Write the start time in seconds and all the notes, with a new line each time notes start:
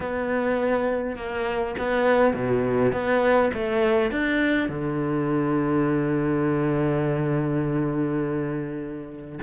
0.00 B3
1.16 A#3
1.78 B3
2.34 B2
2.92 B3
3.53 A3
4.11 D4
4.68 D3